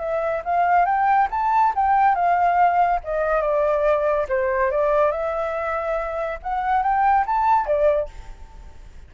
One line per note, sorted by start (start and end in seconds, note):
0.00 0.43 E5
0.45 0.85 F5
0.85 1.28 G5
1.31 1.74 A5
1.76 2.15 G5
2.15 3.00 F5
3.04 3.41 D#5
3.41 4.26 D5
4.29 4.71 C5
4.71 5.12 D5
5.12 6.39 E5
6.43 6.83 F#5
6.83 7.25 G5
7.26 7.66 A5
7.66 8.09 D5